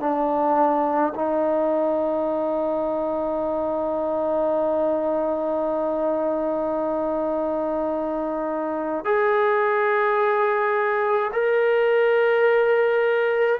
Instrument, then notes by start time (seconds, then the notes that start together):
trombone
0.00 D4
1.15 D#4
9.05 G#4
11.33 A#4